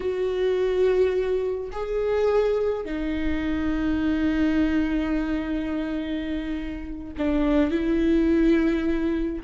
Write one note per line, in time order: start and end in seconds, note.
0.00 1.70 F#4
1.71 2.85 G#4
2.85 7.13 D#4
7.18 7.71 D4
7.71 9.42 E4